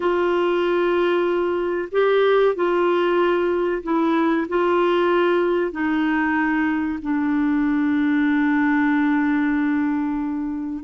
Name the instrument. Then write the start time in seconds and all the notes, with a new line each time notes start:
clarinet
0.00 F4
1.91 G4
2.55 F4
3.83 E4
4.48 F4
5.71 D#4
7.02 D4